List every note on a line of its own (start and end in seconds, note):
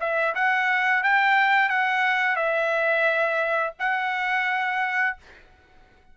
0.00 0.34 E5
0.35 1.03 F#5
1.03 1.69 G5
1.69 2.36 F#5
2.36 3.74 E5
3.79 5.17 F#5